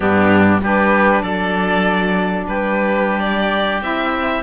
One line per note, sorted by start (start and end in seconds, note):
0.00 0.60 G2
0.00 0.61 B3
0.00 0.60 D4
0.00 0.61 G4
0.60 1.21 G3
0.60 3.81 D4
0.60 1.22 G4
0.60 1.22 B4
1.22 2.46 F#3
1.22 2.45 A4
1.22 2.45 D5
2.47 3.81 G3
2.47 4.42 G4
2.47 3.19 B4
3.19 3.80 D5
3.81 4.42 C4
3.81 4.42 E4
3.81 4.42 E5